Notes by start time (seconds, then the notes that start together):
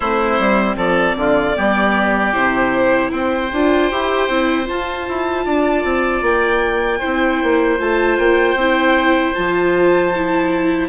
0.00 A3 C4 E4 C5
0.39 G3
0.76 F3 A4 D5
1.15 D3 F4
1.55 G3 B3 G4
2.33 C3 E4 C5
3.11 C4 C5 G5
3.52 D4 F4
3.91 E4 G4
4.29 C4 E4
4.65 F4 A5
5.08 E4
5.45 D4 D5
5.84 C4
6.21 A#3 G5
6.99 C4 E4 C5
7.42 A#3
7.78 A3 F4 A5
8.18 A#3 G5
8.54 C4 E4
9.34 F3 F4 A5
10.15 E4